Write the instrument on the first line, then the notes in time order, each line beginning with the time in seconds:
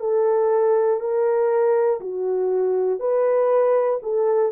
horn
0.00 A4
1.00 A#4
2.00 F#4
2.99 B4
4.02 A4